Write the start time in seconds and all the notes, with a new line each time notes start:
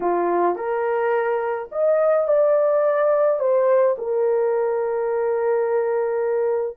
0.00 F4
0.55 A#4
1.71 D#5
2.27 D5
3.39 C5
3.98 A#4